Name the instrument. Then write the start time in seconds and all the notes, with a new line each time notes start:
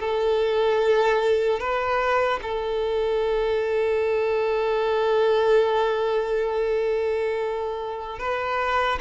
violin
0.00 A4
1.60 B4
2.43 A4
8.19 B4